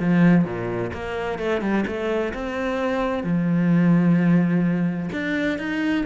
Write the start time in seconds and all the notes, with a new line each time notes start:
0.00 F3
0.45 A#2
0.94 A#3
1.39 A3
1.62 G3
1.87 A3
2.34 C4
3.24 F3
5.13 D4
5.59 D#4